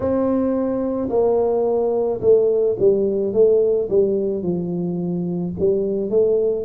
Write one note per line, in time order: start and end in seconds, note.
0.00 1.08 C4
1.09 2.20 A#3
2.20 2.76 A3
2.79 3.33 G3
3.33 3.88 A3
3.89 4.42 G3
4.42 5.54 F3
5.59 6.10 G3
6.10 6.65 A3